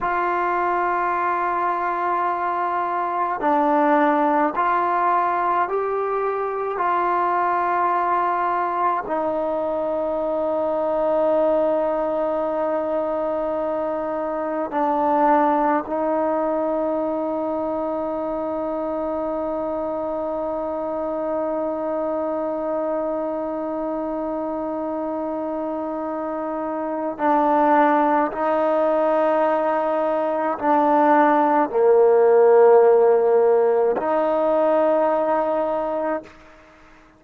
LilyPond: \new Staff \with { instrumentName = "trombone" } { \time 4/4 \tempo 4 = 53 f'2. d'4 | f'4 g'4 f'2 | dis'1~ | dis'4 d'4 dis'2~ |
dis'1~ | dis'1 | d'4 dis'2 d'4 | ais2 dis'2 | }